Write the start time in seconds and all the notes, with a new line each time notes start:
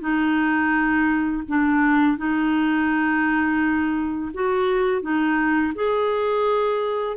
0.00 D#4
1.48 D4
2.18 D#4
4.34 F#4
5.02 D#4
5.75 G#4